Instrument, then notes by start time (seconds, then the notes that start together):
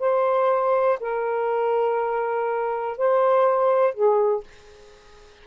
saxophone
0.00 C5
1.00 A#4
2.98 C5
3.95 G#4